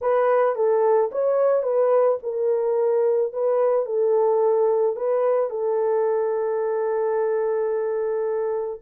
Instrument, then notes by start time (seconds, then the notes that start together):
horn
0.01 B4
0.55 A4
1.11 C#5
1.62 B4
2.22 A#4
3.32 B4
3.85 A4
4.96 B4
5.50 A4